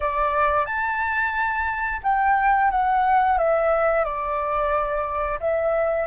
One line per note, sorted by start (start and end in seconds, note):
0.00 0.65 D5
0.65 2.00 A5
2.03 2.70 G5
2.70 3.37 F#5
3.37 4.04 E5
4.04 5.39 D5
5.39 6.07 E5